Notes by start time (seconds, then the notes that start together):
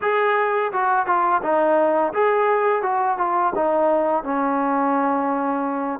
0.01 G#4
0.72 F#4
1.06 F4
1.42 D#4
2.13 G#4
2.82 F#4
3.17 F4
3.55 D#4
4.24 C#4